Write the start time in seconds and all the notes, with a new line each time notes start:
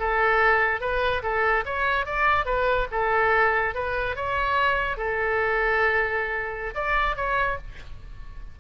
0.00 A4
0.81 B4
1.23 A4
1.66 C#5
2.06 D5
2.46 B4
2.92 A4
3.75 B4
4.16 C#5
4.98 A4
6.75 D5
7.17 C#5